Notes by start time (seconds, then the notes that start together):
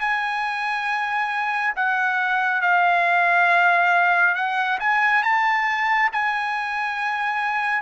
0.00 G#5
1.76 F#5
2.62 F5
4.35 F#5
4.80 G#5
5.23 A5
6.13 G#5